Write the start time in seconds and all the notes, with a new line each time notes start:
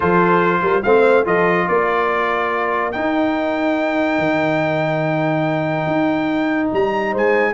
0.00 F3 F4 A4 C5
0.62 G3 A#4
0.83 A3 C4 C5 F5
1.25 F3 F4 A4 D#5
1.67 A#3 A#4 D5
2.92 D#4 G5
4.18 D#3
5.86 D#4
6.72 G3 A#5
7.11 G#3 C5 G#5